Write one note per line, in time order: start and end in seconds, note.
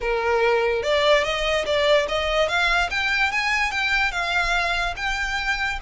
0.01 0.82 A#4
0.82 1.23 D5
1.23 1.65 D#5
1.65 2.07 D5
2.08 2.48 D#5
2.48 2.89 F5
2.90 3.31 G5
3.31 3.71 G#5
3.71 4.11 G5
4.11 4.94 F5
4.96 5.79 G5